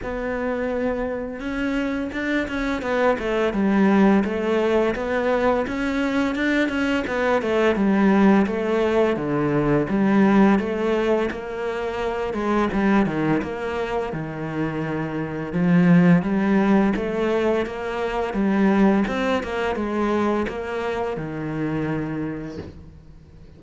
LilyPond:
\new Staff \with { instrumentName = "cello" } { \time 4/4 \tempo 4 = 85 b2 cis'4 d'8 cis'8 | b8 a8 g4 a4 b4 | cis'4 d'8 cis'8 b8 a8 g4 | a4 d4 g4 a4 |
ais4. gis8 g8 dis8 ais4 | dis2 f4 g4 | a4 ais4 g4 c'8 ais8 | gis4 ais4 dis2 | }